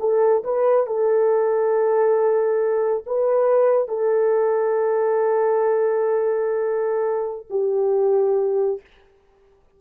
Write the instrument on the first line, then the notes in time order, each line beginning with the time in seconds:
horn
0.00 A4
0.44 B4
0.87 A4
3.06 B4
3.88 A4
7.50 G4